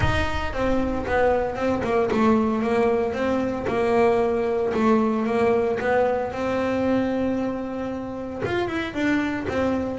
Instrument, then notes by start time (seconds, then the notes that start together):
double bass
0.00 D#4
0.53 C4
1.06 B3
1.55 C4
1.83 A#3
2.11 A3
2.62 A#3
3.13 C4
3.67 A#3
4.73 A3
5.26 A#3
5.79 B3
6.32 C4
8.45 F4
8.67 E4
8.93 D4
9.48 C4